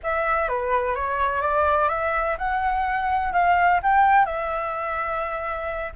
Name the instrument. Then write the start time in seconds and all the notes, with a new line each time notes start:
flute
0.03 E5
0.48 B4
0.95 C#5
1.41 D5
1.89 E5
2.38 F#5
3.32 F5
3.82 G5
4.25 E5